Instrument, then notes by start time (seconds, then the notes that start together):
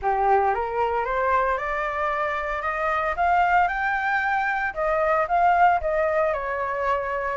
flute
0.01 G4
0.54 A#4
1.05 C5
1.57 D5
2.62 D#5
3.16 F5
3.68 G5
4.74 D#5
5.28 F5
5.81 D#5
6.33 C#5